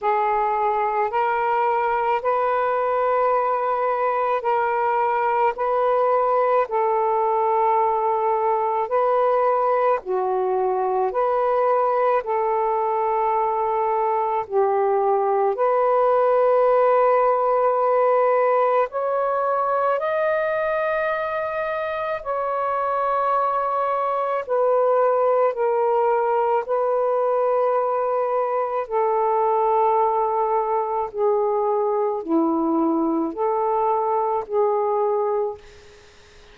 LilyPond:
\new Staff \with { instrumentName = "saxophone" } { \time 4/4 \tempo 4 = 54 gis'4 ais'4 b'2 | ais'4 b'4 a'2 | b'4 fis'4 b'4 a'4~ | a'4 g'4 b'2~ |
b'4 cis''4 dis''2 | cis''2 b'4 ais'4 | b'2 a'2 | gis'4 e'4 a'4 gis'4 | }